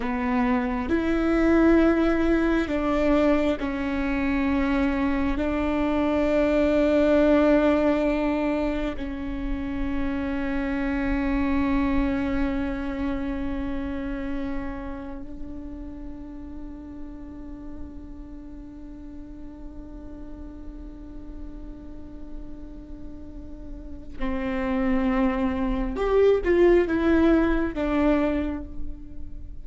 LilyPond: \new Staff \with { instrumentName = "viola" } { \time 4/4 \tempo 4 = 67 b4 e'2 d'4 | cis'2 d'2~ | d'2 cis'2~ | cis'1~ |
cis'4 d'2.~ | d'1~ | d'2. c'4~ | c'4 g'8 f'8 e'4 d'4 | }